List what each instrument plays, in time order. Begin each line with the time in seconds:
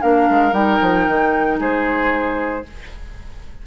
0.00 bassoon A#3, clarinet D4, oboe A#4, flute F5
0.29 bassoon G#3
0.52 bassoon G3, clarinet D#4, flute G5
0.81 bassoon F3
1.07 bassoon D#3
1.59 bassoon G#3, oboe G#4, flute C5